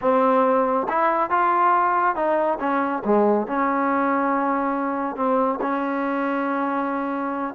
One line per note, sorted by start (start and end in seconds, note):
0.01 0.87 C4
0.88 1.29 E4
1.29 2.15 F4
2.15 2.58 D#4
2.59 3.02 C#4
3.04 3.47 G#3
3.47 5.15 C#4
5.15 5.59 C4
5.61 7.54 C#4